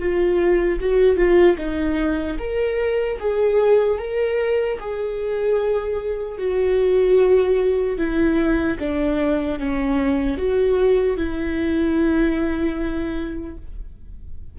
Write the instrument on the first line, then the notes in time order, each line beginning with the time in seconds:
viola
0.00 F4
0.81 F#4
1.17 F4
1.58 D#4
2.39 A#4
3.20 G#4
3.99 A#4
4.80 G#4
6.39 F#4
7.98 E4
8.79 D4
9.59 C#4
10.38 F#4
11.17 E4